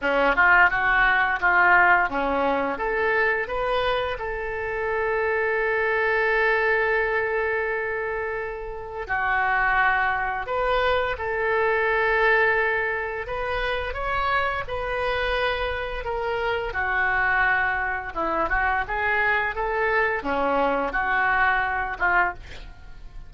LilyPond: \new Staff \with { instrumentName = "oboe" } { \time 4/4 \tempo 4 = 86 cis'8 f'8 fis'4 f'4 cis'4 | a'4 b'4 a'2~ | a'1~ | a'4 fis'2 b'4 |
a'2. b'4 | cis''4 b'2 ais'4 | fis'2 e'8 fis'8 gis'4 | a'4 cis'4 fis'4. f'8 | }